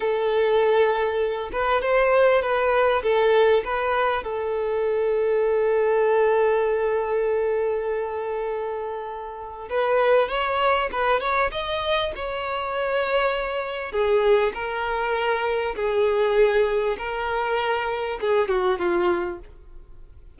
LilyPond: \new Staff \with { instrumentName = "violin" } { \time 4/4 \tempo 4 = 99 a'2~ a'8 b'8 c''4 | b'4 a'4 b'4 a'4~ | a'1~ | a'1 |
b'4 cis''4 b'8 cis''8 dis''4 | cis''2. gis'4 | ais'2 gis'2 | ais'2 gis'8 fis'8 f'4 | }